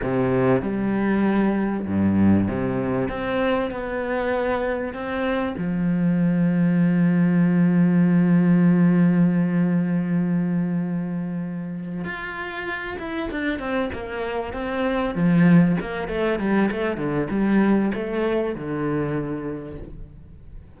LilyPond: \new Staff \with { instrumentName = "cello" } { \time 4/4 \tempo 4 = 97 c4 g2 g,4 | c4 c'4 b2 | c'4 f2.~ | f1~ |
f2.~ f8 f'8~ | f'4 e'8 d'8 c'8 ais4 c'8~ | c'8 f4 ais8 a8 g8 a8 d8 | g4 a4 d2 | }